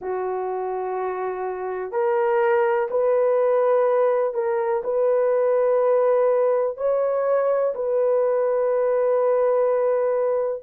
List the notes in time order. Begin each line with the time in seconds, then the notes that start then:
0.00 F#4
1.91 A#4
2.90 B4
4.34 A#4
4.83 B4
6.77 C#5
7.74 B4